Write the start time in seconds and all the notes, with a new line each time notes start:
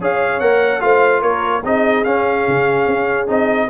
0.00 C#4 G#4 C#5 F5
0.40 A#3 A#4 F#5
0.80 A3 F4 C5 F5
1.21 A#3 A#4 C#5
1.64 C4 D#4 G#4 D#5
2.04 C#4 F5
2.48 C#3
2.87 C#4
3.27 C4 D#4 D#5